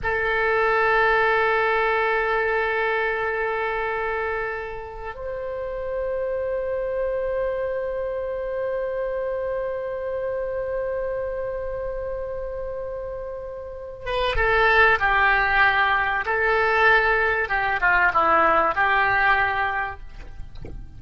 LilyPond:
\new Staff \with { instrumentName = "oboe" } { \time 4/4 \tempo 4 = 96 a'1~ | a'1~ | a'16 c''2.~ c''8.~ | c''1~ |
c''1~ | c''2~ c''8 b'8 a'4 | g'2 a'2 | g'8 f'8 e'4 g'2 | }